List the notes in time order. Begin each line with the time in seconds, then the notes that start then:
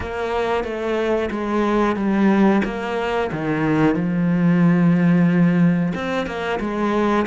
0.00 A#3
0.64 A3
1.30 G#3
1.95 G3
2.64 A#3
3.31 D#3
3.94 F3
5.94 C4
6.26 A#3
6.60 G#3